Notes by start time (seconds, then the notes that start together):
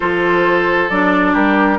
0.00 F3 F4 A4 C5
0.89 F#3 D4 D5
1.32 G3 G4 A#4